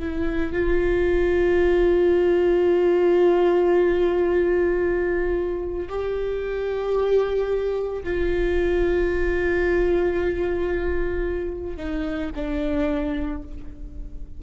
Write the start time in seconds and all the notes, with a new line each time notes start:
0.00 E4
0.53 F4
5.89 G4
8.04 F4
11.77 D#4
12.36 D4